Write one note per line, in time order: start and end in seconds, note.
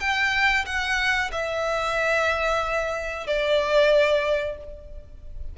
0.00 0.65 G5
0.66 1.31 F#5
1.32 3.27 E5
3.27 4.57 D5